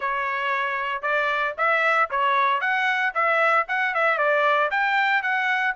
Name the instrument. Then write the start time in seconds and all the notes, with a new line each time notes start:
trumpet
0.00 C#5
1.02 D5
1.57 E5
2.10 C#5
2.61 F#5
3.14 E5
3.68 F#5
3.94 E5
4.18 D5
4.71 G5
5.22 F#5